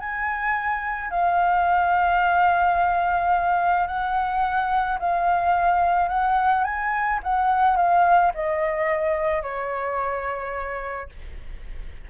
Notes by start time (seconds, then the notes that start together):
0.00 G#5
1.11 F5
3.88 F#5
4.99 F5
6.09 F#5
6.64 G#5
7.23 F#5
7.77 F5
8.35 D#5
9.43 C#5